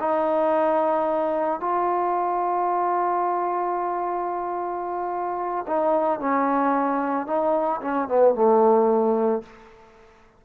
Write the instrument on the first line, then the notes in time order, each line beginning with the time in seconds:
trombone
0.00 D#4
1.60 F4
5.67 D#4
6.20 C#4
7.27 D#4
7.82 C#4
8.08 B3
8.35 A3